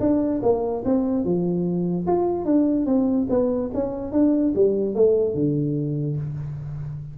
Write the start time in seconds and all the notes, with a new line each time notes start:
0.00 D4
0.42 A#3
0.85 C4
1.24 F3
2.07 F4
2.45 D4
2.86 C4
3.30 B3
3.74 C#4
4.12 D4
4.55 G3
4.94 A3
5.34 D3